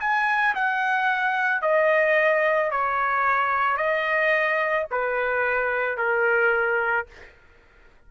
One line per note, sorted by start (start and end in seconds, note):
0.00 0.55 G#5
0.55 1.62 F#5
1.62 2.71 D#5
2.71 3.77 C#5
3.77 4.86 D#5
4.91 5.97 B4
5.97 7.06 A#4